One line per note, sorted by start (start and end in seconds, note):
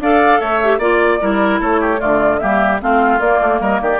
0.00 0.40 D4
0.00 0.62 A4
0.00 0.40 D5
0.00 0.40 F5
0.40 0.78 A3
0.40 0.79 C#5
0.40 0.80 E5
0.63 0.80 G4
0.78 1.18 A#3
0.78 1.20 F4
0.78 1.19 D5
0.78 1.61 D5
1.20 1.60 G3
1.20 1.98 E4
1.20 1.60 A#4
1.60 2.00 A3
1.60 1.80 A4
1.60 2.00 C#5
1.80 2.00 G4
1.98 2.43 D3
1.98 2.38 A3
1.98 2.40 F4
1.98 2.39 D5
2.39 2.82 G3
2.39 2.80 A#3
2.39 2.81 G4
2.39 2.79 E5
2.80 3.20 A3
2.80 3.20 C4
2.80 3.61 F4
2.80 3.20 F5
3.20 3.40 A#3
3.20 4.00 A#3
3.20 3.60 D5
3.41 3.60 A3
3.60 3.80 G3
3.60 3.81 A#4
3.60 3.81 D#5
3.81 4.00 D#3
3.81 4.00 G4
3.81 4.00 D5